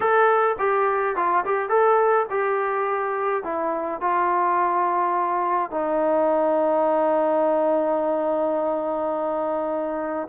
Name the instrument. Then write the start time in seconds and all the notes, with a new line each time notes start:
trombone
0.00 A4
0.58 G4
1.16 F4
1.45 G4
1.69 A4
2.29 G4
3.43 E4
4.00 F4
5.70 D#4